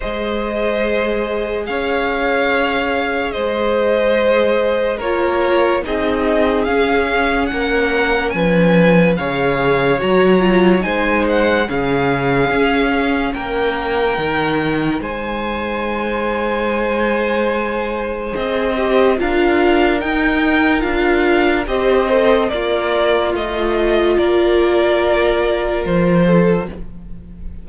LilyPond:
<<
  \new Staff \with { instrumentName = "violin" } { \time 4/4 \tempo 4 = 72 dis''2 f''2 | dis''2 cis''4 dis''4 | f''4 fis''4 gis''4 f''4 | ais''4 gis''8 fis''8 f''2 |
g''2 gis''2~ | gis''2 dis''4 f''4 | g''4 f''4 dis''4 d''4 | dis''4 d''2 c''4 | }
  \new Staff \with { instrumentName = "violin" } { \time 4/4 c''2 cis''2 | c''2 ais'4 gis'4~ | gis'4 ais'4 b'4 cis''4~ | cis''4 c''4 gis'2 |
ais'2 c''2~ | c''2. ais'4~ | ais'2 c''4 f'4~ | f'4 ais'2~ ais'8 a'8 | }
  \new Staff \with { instrumentName = "viola" } { \time 4/4 gis'1~ | gis'2 f'4 dis'4 | cis'2. gis'4 | fis'8 f'8 dis'4 cis'2~ |
cis'4 dis'2.~ | dis'2 gis'8 g'8 f'4 | dis'4 f'4 g'8 a'8 ais'4 | f'1 | }
  \new Staff \with { instrumentName = "cello" } { \time 4/4 gis2 cis'2 | gis2 ais4 c'4 | cis'4 ais4 f4 cis4 | fis4 gis4 cis4 cis'4 |
ais4 dis4 gis2~ | gis2 c'4 d'4 | dis'4 d'4 c'4 ais4 | a4 ais2 f4 | }
>>